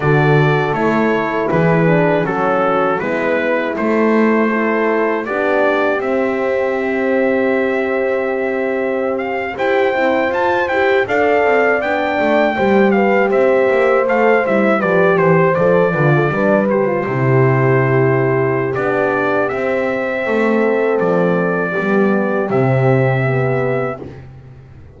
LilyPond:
<<
  \new Staff \with { instrumentName = "trumpet" } { \time 4/4 \tempo 4 = 80 d''4 cis''4 b'4 a'4 | b'4 c''2 d''4 | e''1~ | e''16 f''8 g''4 a''8 g''8 f''4 g''16~ |
g''4~ g''16 f''8 e''4 f''8 e''8 d''16~ | d''16 c''8 d''4. c''4.~ c''16~ | c''4 d''4 e''2 | d''2 e''2 | }
  \new Staff \with { instrumentName = "horn" } { \time 4/4 a'2 gis'4 fis'4 | e'2 a'4 g'4~ | g'1~ | g'8. c''2 d''4~ d''16~ |
d''8. c''8 b'8 c''2 b'16~ | b'16 c''4 b'16 a'16 b'4 g'4~ g'16~ | g'2. a'4~ | a'4 g'2. | }
  \new Staff \with { instrumentName = "horn" } { \time 4/4 fis'4 e'4. d'8 cis'4 | b4 a4 e'4 d'4 | c'1~ | c'8. g'8 e'8 f'8 g'8 a'4 d'16~ |
d'8. g'2 a'8 e'8 g'16~ | g'8. a'8 f'8 d'8 g'16 f'16 e'4~ e'16~ | e'4 d'4 c'2~ | c'4 b4 c'4 b4 | }
  \new Staff \with { instrumentName = "double bass" } { \time 4/4 d4 a4 e4 fis4 | gis4 a2 b4 | c'1~ | c'8. e'8 c'8 f'8 e'8 d'8 c'8 b16~ |
b16 a8 g4 c'8 ais8 a8 g8 f16~ | f16 e8 f8 d8 g4 c4~ c16~ | c4 b4 c'4 a4 | f4 g4 c2 | }
>>